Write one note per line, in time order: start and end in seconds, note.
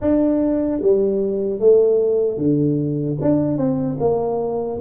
0.01 0.81 D4
0.81 1.59 G3
1.59 2.37 A3
2.37 3.17 D3
3.21 3.57 D4
3.57 3.97 C4
4.00 4.80 A#3